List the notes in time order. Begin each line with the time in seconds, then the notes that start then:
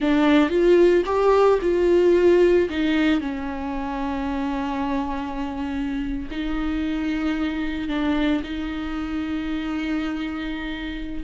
0.00 D4
0.49 F4
1.05 G4
1.61 F4
2.69 D#4
3.20 C#4
6.30 D#4
7.88 D4
8.43 D#4